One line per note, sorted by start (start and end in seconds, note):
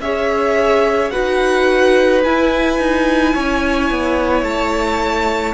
0.00 1.11 C#4
0.00 1.12 G#4
0.00 1.12 C#5
0.00 1.11 E5
1.11 2.26 D#4
1.11 2.23 F#4
1.11 3.34 B4
1.11 2.22 F#5
2.24 5.55 E4
2.24 2.79 E4
2.24 4.44 G#5
2.79 3.35 D#4
3.34 3.91 C#4
3.34 5.55 C#5
3.91 4.43 B3
4.43 5.54 A3
4.43 5.55 A5